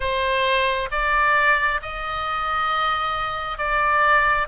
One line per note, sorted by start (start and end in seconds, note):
0.00 0.89 C5
0.91 1.80 D5
1.82 3.58 D#5
3.58 4.47 D5